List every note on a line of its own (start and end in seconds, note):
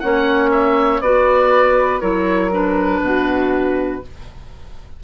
0.00 1.01 A#3
0.00 1.02 C#4
0.00 1.03 C#5
0.00 0.50 F#5
0.52 1.01 E5
1.01 2.01 B3
1.01 2.01 F#4
1.01 2.01 B4
1.01 2.01 D5
2.01 3.01 F#3
2.01 2.51 E4
2.01 3.01 A#4
2.01 2.51 C#5
2.52 4.02 D4
2.52 4.04 B4
3.01 4.01 B2
3.01 4.03 F#4